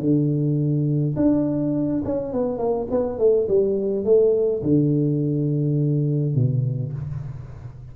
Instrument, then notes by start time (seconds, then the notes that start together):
tuba
0.00 D3
1.16 D4
2.05 C#4
2.33 B3
2.59 A#3
2.91 B3
3.19 A3
3.48 G3
4.05 A3
4.63 D3
6.35 B2